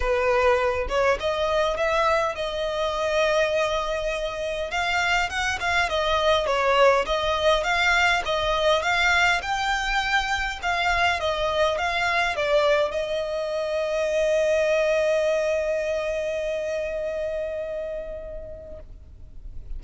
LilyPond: \new Staff \with { instrumentName = "violin" } { \time 4/4 \tempo 4 = 102 b'4. cis''8 dis''4 e''4 | dis''1 | f''4 fis''8 f''8 dis''4 cis''4 | dis''4 f''4 dis''4 f''4 |
g''2 f''4 dis''4 | f''4 d''4 dis''2~ | dis''1~ | dis''1 | }